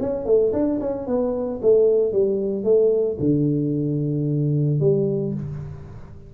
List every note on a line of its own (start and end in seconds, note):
0.00 0.25 C#4
0.25 0.52 A3
0.53 0.80 D4
0.80 1.07 C#4
1.07 1.60 B3
1.62 2.12 A3
2.12 2.64 G3
2.64 3.17 A3
3.19 4.80 D3
4.80 5.34 G3